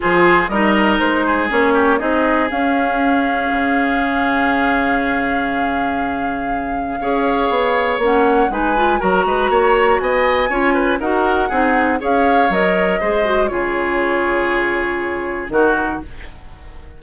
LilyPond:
<<
  \new Staff \with { instrumentName = "flute" } { \time 4/4 \tempo 4 = 120 c''4 dis''4 c''4 cis''4 | dis''4 f''2.~ | f''1~ | f''1 |
fis''4 gis''4 ais''2 | gis''2 fis''2 | f''4 dis''2 cis''4~ | cis''2. ais'4 | }
  \new Staff \with { instrumentName = "oboe" } { \time 4/4 gis'4 ais'4. gis'4 g'8 | gis'1~ | gis'1~ | gis'2 cis''2~ |
cis''4 b'4 ais'8 b'8 cis''4 | dis''4 cis''8 b'8 ais'4 gis'4 | cis''2 c''4 gis'4~ | gis'2. fis'4 | }
  \new Staff \with { instrumentName = "clarinet" } { \time 4/4 f'4 dis'2 cis'4 | dis'4 cis'2.~ | cis'1~ | cis'2 gis'2 |
cis'4 dis'8 f'8 fis'2~ | fis'4 f'4 fis'4 dis'4 | gis'4 ais'4 gis'8 fis'8 f'4~ | f'2. dis'4 | }
  \new Staff \with { instrumentName = "bassoon" } { \time 4/4 f4 g4 gis4 ais4 | c'4 cis'2 cis4~ | cis1~ | cis2 cis'4 b4 |
ais4 gis4 fis8 gis8 ais4 | b4 cis'4 dis'4 c'4 | cis'4 fis4 gis4 cis4~ | cis2. dis4 | }
>>